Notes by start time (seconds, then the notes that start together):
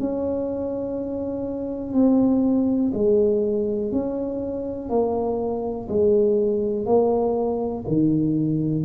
0.00 C#4
1.94 C4
2.94 G#3
3.92 C#4
4.90 A#3
5.89 G#3
6.86 A#3
7.88 D#3